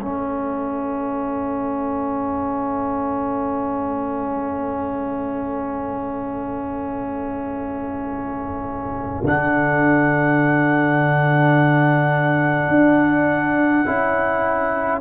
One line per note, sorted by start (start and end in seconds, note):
0.00 9.23 A3
0.00 9.24 C#4
0.00 15.00 A4
0.00 9.24 E5
9.24 12.68 D3
9.24 13.85 D4
9.24 15.00 F#5
12.68 13.84 D4
13.86 15.00 C#4
13.86 15.00 E4